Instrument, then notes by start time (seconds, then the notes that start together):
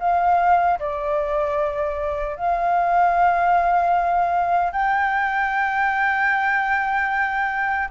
flute
0.00 F5
0.80 D5
2.36 F5
4.73 G5